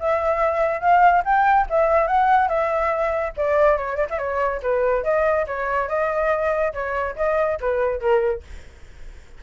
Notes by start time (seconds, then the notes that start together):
0.00 E5
0.81 F5
1.25 G5
1.70 E5
2.08 F#5
2.49 E5
3.37 D5
3.78 C#5
3.96 D5
4.10 E5
4.19 C#5
4.63 B4
5.04 D#5
5.47 C#5
5.89 D#5
6.74 C#5
7.17 D#5
7.61 B4
8.01 A#4